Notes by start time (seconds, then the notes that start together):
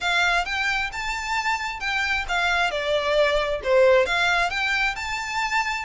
0.00 F5
0.45 G5
0.92 A5
1.80 G5
2.28 F5
2.70 D5
3.63 C5
4.06 F5
4.49 G5
4.95 A5